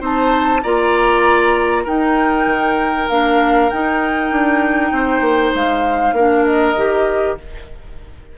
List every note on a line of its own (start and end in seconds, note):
0.00 0.62 C4
0.00 0.61 D#4
0.00 0.61 C5
0.00 0.62 A5
0.62 1.87 A#3
0.62 1.86 F4
0.62 1.84 D5
0.62 1.85 A#5
1.84 3.08 D#4
1.84 2.46 D#4
1.84 4.90 A#4
1.84 3.10 G5
2.46 3.07 D#3
3.10 3.71 A#3
3.10 3.71 D4
3.10 3.70 F5
3.70 6.17 D#4
3.70 4.31 D#4
3.70 5.54 G5
4.31 4.92 D4
4.92 5.21 C4
4.92 6.15 C5
5.21 5.51 A#3
5.54 6.13 G#3
5.54 6.46 F5
6.13 6.74 A#3
6.13 6.77 D4
6.13 7.38 A#4
6.46 7.38 D#5
6.76 7.37 D#3
6.76 7.38 G4